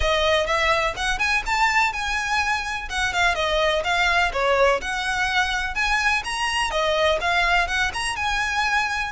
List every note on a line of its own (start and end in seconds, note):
0.00 0.46 D#5
0.46 0.94 E5
0.96 1.18 F#5
1.18 1.42 G#5
1.46 1.92 A5
1.92 2.88 G#5
2.89 3.13 F#5
3.13 3.34 F5
3.34 3.82 D#5
3.84 4.32 F5
4.32 4.80 C#5
4.81 5.74 F#5
5.74 6.22 G#5
6.24 6.70 A#5
6.70 7.18 D#5
7.20 7.67 F5
7.67 7.91 F#5
7.93 8.16 A#5
8.16 9.12 G#5